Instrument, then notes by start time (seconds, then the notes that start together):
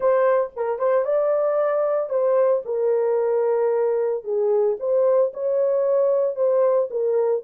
horn
0.00 C5
0.56 A#4
0.78 C5
1.05 D5
2.09 C5
2.65 A#4
4.24 G#4
4.79 C5
5.33 C#5
6.35 C5
6.90 A#4